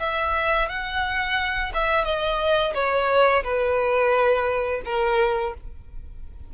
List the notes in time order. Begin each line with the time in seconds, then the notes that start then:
0.00 E5
0.69 F#5
1.75 E5
2.05 D#5
2.75 C#5
3.44 B4
4.86 A#4